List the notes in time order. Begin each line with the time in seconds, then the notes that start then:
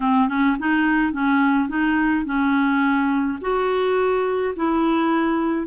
0.00 C4
0.28 C#4
0.59 D#4
1.12 C#4
1.69 D#4
2.25 C#4
3.41 F#4
4.56 E4